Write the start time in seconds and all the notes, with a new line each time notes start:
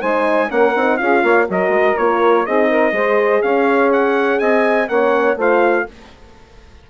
0.00 G#3 D#4 C5 G#5
0.48 A#3 C#4 A#4 F#5
0.75 C4 D#4
0.97 C#4 F4 G#4 F5
1.22 A#3 C#5
1.48 F#3 F#4 A#4 D#5
1.69 G#3
1.97 A#3 F4 C#5
2.45 C4 D#4 G#4 D#5
2.68 A#4
2.92 G#3 G#4 C5
3.42 C#4 C#5 F5
3.92 F#5
4.39 C4 D#5 G#5
4.88 A#3 C#4 C#5 F#5
5.36 A3 F4 C5 F5